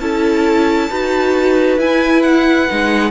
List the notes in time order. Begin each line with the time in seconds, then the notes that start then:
0.00 C#4 E4 A4 A5
0.91 D#4 F#4 B4
1.78 E4 G#5
2.22 F#5
2.70 G#3 D#4